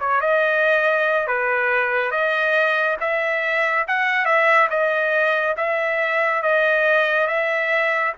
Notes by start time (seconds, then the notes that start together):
0.00 C#5
0.21 D#5
1.27 B4
2.11 D#5
3.00 E5
3.88 F#5
4.25 E5
4.70 D#5
5.57 E5
6.42 D#5
7.27 E5